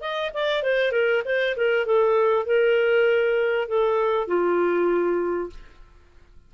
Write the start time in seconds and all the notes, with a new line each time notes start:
0.00 D#5
0.33 D5
0.62 C5
0.92 A#4
1.25 C5
1.56 A#4
1.86 A4
2.45 A#4
3.68 A4
4.27 F4